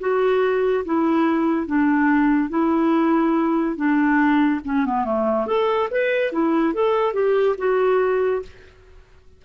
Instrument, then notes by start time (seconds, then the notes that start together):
clarinet
0.00 F#4
0.85 E4
1.67 D4
2.50 E4
3.76 D4
4.65 C#4
4.86 B3
5.05 A3
5.47 A4
5.91 B4
6.33 E4
6.74 A4
7.14 G4
7.58 F#4